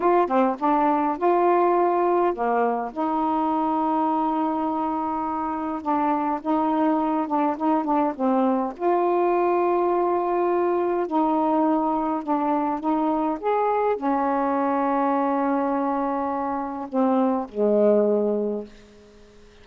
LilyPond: \new Staff \with { instrumentName = "saxophone" } { \time 4/4 \tempo 4 = 103 f'8 c'8 d'4 f'2 | ais4 dis'2.~ | dis'2 d'4 dis'4~ | dis'8 d'8 dis'8 d'8 c'4 f'4~ |
f'2. dis'4~ | dis'4 d'4 dis'4 gis'4 | cis'1~ | cis'4 c'4 gis2 | }